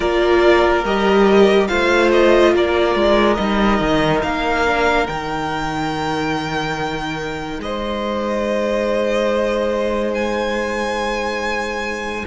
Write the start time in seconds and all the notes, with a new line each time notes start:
0.00 A#3 F4 A#4 D5
0.83 G3 G4 D#5
1.67 A3 F4 C5 F5
2.11 D#5
2.54 A#3 A#4 D5
2.95 G#3
3.34 G3 D#4 D#5
3.80 D#3
4.22 A#3 F5
4.66 D4
5.06 D#3 D#4 G5
7.58 G#3 C5 D#5
10.14 G#5